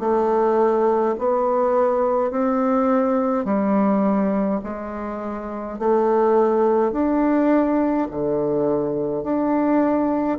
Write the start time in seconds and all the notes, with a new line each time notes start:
0.00 A3
1.19 B3
2.31 C4
3.45 G3
4.64 G#3
5.79 A3
6.92 D4
8.11 D3
9.24 D4